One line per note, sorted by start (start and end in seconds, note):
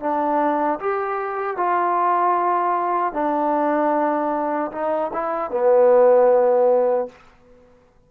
0.00 0.79 D4
0.79 1.56 G4
1.56 3.13 F4
3.13 4.71 D4
4.72 5.11 D#4
5.13 5.50 E4
5.50 7.08 B3